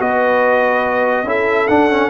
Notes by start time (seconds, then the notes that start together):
0.00 B3 F#4 B4 D#5
1.24 C#4 E4 A4 E5
1.68 D4 F#5
1.90 C#4